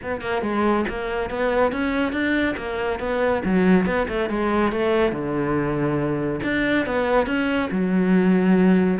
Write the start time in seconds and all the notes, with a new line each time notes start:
0.03 B3
0.21 A#3
0.42 G#3
0.88 A#3
1.30 B3
1.72 C#4
2.12 D4
2.57 A#3
2.99 B3
3.44 F#3
3.86 B3
4.08 A3
4.29 G#3
4.72 A3
5.11 D3
6.43 D4
6.86 B3
7.26 C#4
7.71 F#3